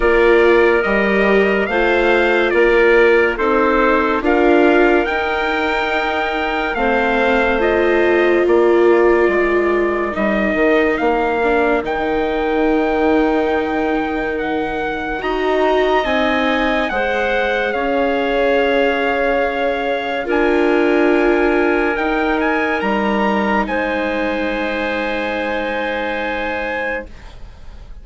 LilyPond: <<
  \new Staff \with { instrumentName = "trumpet" } { \time 4/4 \tempo 4 = 71 d''4 dis''4 f''4 d''4 | c''4 f''4 g''2 | f''4 dis''4 d''2 | dis''4 f''4 g''2~ |
g''4 fis''4 ais''4 gis''4 | fis''4 f''2. | gis''2 g''8 gis''8 ais''4 | gis''1 | }
  \new Staff \with { instrumentName = "clarinet" } { \time 4/4 ais'2 c''4 ais'4 | a'4 ais'2. | c''2 ais'2~ | ais'1~ |
ais'2 dis''2 | c''4 cis''2. | ais'1 | c''1 | }
  \new Staff \with { instrumentName = "viola" } { \time 4/4 f'4 g'4 f'2 | dis'4 f'4 dis'2 | c'4 f'2. | dis'4. d'8 dis'2~ |
dis'2 fis'4 dis'4 | gis'1 | f'2 dis'2~ | dis'1 | }
  \new Staff \with { instrumentName = "bassoon" } { \time 4/4 ais4 g4 a4 ais4 | c'4 d'4 dis'2 | a2 ais4 gis4 | g8 dis8 ais4 dis2~ |
dis2 dis'4 c'4 | gis4 cis'2. | d'2 dis'4 g4 | gis1 | }
>>